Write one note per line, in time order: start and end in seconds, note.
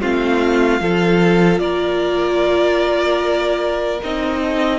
0.00 0.80 A3
0.00 0.79 C4
0.00 0.81 F4
0.00 1.59 F5
0.79 1.59 F3
0.79 3.99 F4
0.79 1.61 A4
1.59 3.99 A#3
1.59 4.41 A#4
1.59 3.99 D5
4.03 4.79 C4
4.03 4.79 D#4
4.03 4.79 D#5
4.41 4.79 A4